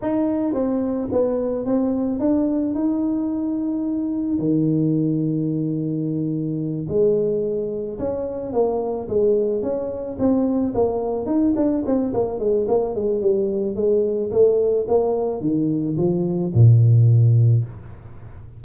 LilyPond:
\new Staff \with { instrumentName = "tuba" } { \time 4/4 \tempo 4 = 109 dis'4 c'4 b4 c'4 | d'4 dis'2. | dis1~ | dis8 gis2 cis'4 ais8~ |
ais8 gis4 cis'4 c'4 ais8~ | ais8 dis'8 d'8 c'8 ais8 gis8 ais8 gis8 | g4 gis4 a4 ais4 | dis4 f4 ais,2 | }